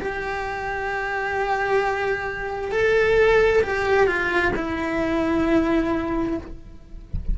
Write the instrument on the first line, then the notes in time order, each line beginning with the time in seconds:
cello
0.00 G4
2.71 A4
3.63 G4
4.07 F4
4.56 E4